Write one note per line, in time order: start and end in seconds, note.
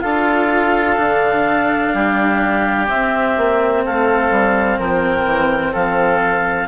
0.00 0.98 D4
0.00 0.96 F4
0.00 1.93 A4
0.00 2.86 F5
0.96 1.93 D3
0.96 2.87 D4
1.93 2.88 G3
1.93 3.84 G4
2.87 6.67 C4
2.87 3.37 C4
2.87 3.84 E5
3.37 3.84 A#3
3.85 4.30 A3
3.85 4.79 A4
3.85 4.80 F5
4.30 4.78 G3
4.78 5.25 F3
4.78 5.72 A#4
4.78 5.74 G5
5.25 5.72 E3
5.72 6.67 F3
5.72 6.67 A4
5.72 6.67 F5